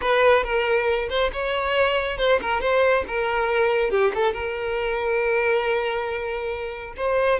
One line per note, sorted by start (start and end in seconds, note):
0.01 0.43 B4
0.43 1.08 A#4
1.09 1.30 C5
1.33 2.17 C#5
2.17 2.39 C5
2.41 2.60 A#4
2.60 3.04 C5
3.07 3.90 A#4
3.90 4.12 G4
4.14 4.33 A4
4.33 6.93 A#4
6.96 7.40 C5